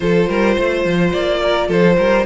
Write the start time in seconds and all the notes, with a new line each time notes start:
0.00 F3 F4 A4 C5
0.28 G3 A#4
0.54 A3 C5
0.85 F3
1.12 A#3 D5
1.43 A#4
1.67 F3 A4 C5
1.97 G3 A#4